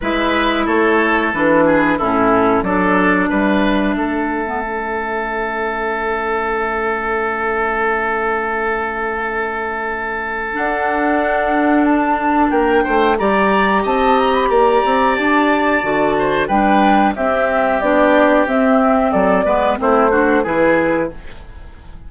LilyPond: <<
  \new Staff \with { instrumentName = "flute" } { \time 4/4 \tempo 4 = 91 e''4 cis''4 b'4 a'4 | d''4 e''2.~ | e''1~ | e''1 |
fis''2 a''4 g''4 | ais''4 a''8 ais''16 b''16 ais''4 a''4~ | a''4 g''4 e''4 d''4 | e''4 d''4 c''4 b'4 | }
  \new Staff \with { instrumentName = "oboe" } { \time 4/4 b'4 a'4. gis'8 e'4 | a'4 b'4 a'2~ | a'1~ | a'1~ |
a'2. ais'8 c''8 | d''4 dis''4 d''2~ | d''8 c''8 b'4 g'2~ | g'4 a'8 b'8 e'8 fis'8 gis'4 | }
  \new Staff \with { instrumentName = "clarinet" } { \time 4/4 e'2 d'4 cis'4 | d'2~ d'8. b16 cis'4~ | cis'1~ | cis'1 |
d'1 | g'1 | fis'4 d'4 c'4 d'4 | c'4. b8 c'8 d'8 e'4 | }
  \new Staff \with { instrumentName = "bassoon" } { \time 4/4 gis4 a4 e4 a,4 | fis4 g4 a2~ | a1~ | a1 |
d'2. ais8 a8 | g4 c'4 ais8 c'8 d'4 | d4 g4 c'4 b4 | c'4 fis8 gis8 a4 e4 | }
>>